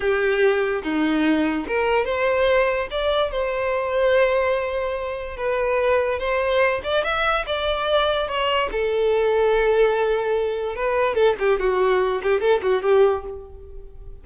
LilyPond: \new Staff \with { instrumentName = "violin" } { \time 4/4 \tempo 4 = 145 g'2 dis'2 | ais'4 c''2 d''4 | c''1~ | c''4 b'2 c''4~ |
c''8 d''8 e''4 d''2 | cis''4 a'2.~ | a'2 b'4 a'8 g'8 | fis'4. g'8 a'8 fis'8 g'4 | }